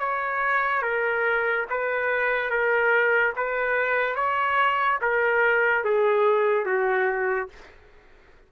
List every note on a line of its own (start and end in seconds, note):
0.00 0.83 C#5
0.83 1.66 A#4
1.70 2.50 B4
2.50 3.34 A#4
3.37 4.16 B4
4.16 4.99 C#5
5.02 5.84 A#4
5.84 6.66 G#4
6.66 7.49 F#4